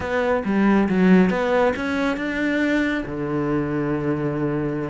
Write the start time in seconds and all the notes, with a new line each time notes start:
0.00 B3
0.44 G3
0.88 F#3
1.30 B3
1.75 C#4
2.16 D4
3.06 D3